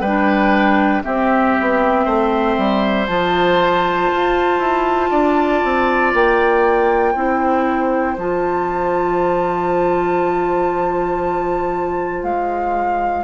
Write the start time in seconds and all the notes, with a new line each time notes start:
0.00 G3 D4 B4 G5
1.03 C4 G4 E5
1.60 B3
2.04 A3 C5
2.57 G3
3.06 F3 F4 A5
4.12 F4
4.58 E4
5.10 D4 D5
5.64 C4
6.13 A#3 G5
7.13 C4 E4 C5
8.17 F3 F4 A5
12.23 G#3 F5